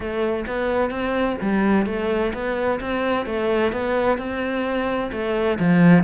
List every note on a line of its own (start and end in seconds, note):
0.00 0.45 A3
0.47 0.90 B3
0.90 1.37 C4
1.41 1.86 G3
1.86 2.32 A3
2.33 2.80 B3
2.80 3.26 C4
3.26 3.72 A3
3.72 4.17 B3
4.17 5.10 C4
5.11 5.58 A3
5.59 6.03 F3